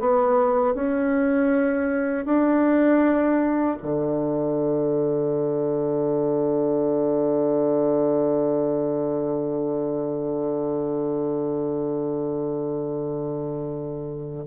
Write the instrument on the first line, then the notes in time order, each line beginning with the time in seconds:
bassoon
0.00 B3
0.75 C#4
2.25 D4
3.83 D3